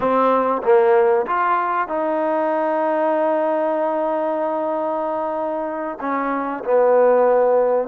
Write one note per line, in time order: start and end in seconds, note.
0.00 0.61 C4
0.63 1.26 A#3
1.26 1.87 F4
1.87 5.98 D#4
6.00 6.63 C#4
6.64 7.88 B3